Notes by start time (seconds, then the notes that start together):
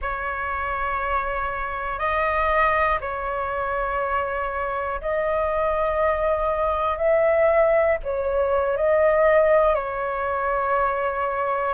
0.01 C#5
1.99 D#5
3.00 C#5
5.00 D#5
6.97 E5
8.03 C#5
8.76 D#5
9.75 C#5